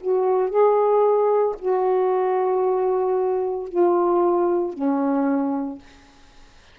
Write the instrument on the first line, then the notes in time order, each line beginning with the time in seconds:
saxophone
0.00 F#4
0.50 G#4
1.59 F#4
3.68 F4
4.73 C#4